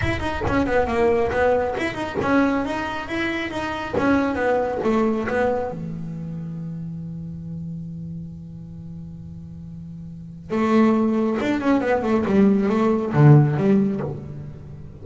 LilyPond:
\new Staff \with { instrumentName = "double bass" } { \time 4/4 \tempo 4 = 137 e'8 dis'8 cis'8 b8 ais4 b4 | e'8 dis'8 cis'4 dis'4 e'4 | dis'4 cis'4 b4 a4 | b4 e2.~ |
e1~ | e1 | a2 d'8 cis'8 b8 a8 | g4 a4 d4 g4 | }